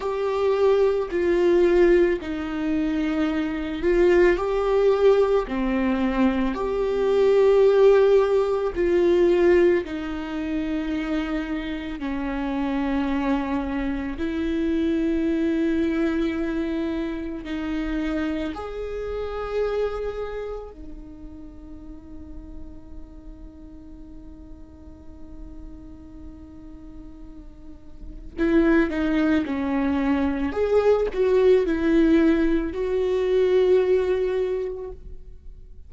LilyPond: \new Staff \with { instrumentName = "viola" } { \time 4/4 \tempo 4 = 55 g'4 f'4 dis'4. f'8 | g'4 c'4 g'2 | f'4 dis'2 cis'4~ | cis'4 e'2. |
dis'4 gis'2 dis'4~ | dis'1~ | dis'2 e'8 dis'8 cis'4 | gis'8 fis'8 e'4 fis'2 | }